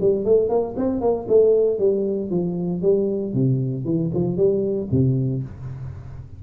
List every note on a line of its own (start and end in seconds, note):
0.00 0.24 G3
0.24 0.49 A3
0.49 0.75 A#3
0.76 1.01 C4
1.01 1.26 A#3
1.28 1.78 A3
1.78 2.30 G3
2.30 2.82 F3
2.82 3.33 G3
3.33 3.84 C3
3.84 4.10 E3
4.14 4.36 F3
4.36 4.88 G3
4.91 5.43 C3